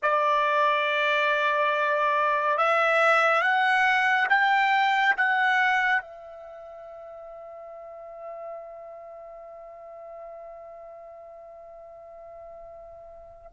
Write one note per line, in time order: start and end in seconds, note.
0.02 2.57 D5
2.57 3.41 E5
3.41 4.27 F#5
4.29 5.15 G5
5.16 6.01 F#5
6.01 13.51 E5